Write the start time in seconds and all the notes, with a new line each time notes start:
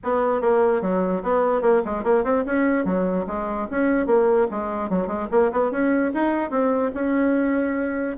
0.03 B3
0.41 A#3
0.81 F#3
1.22 B3
1.61 A#3
1.85 G#3
2.03 A#3
2.24 C4
2.45 C#4
2.85 F#3
3.27 G#3
3.71 C#4
4.06 A#3
4.50 G#3
4.89 F#3
5.07 G#3
5.31 A#3
5.52 B3
5.71 C#4
6.14 D#4
6.50 C4
6.94 C#4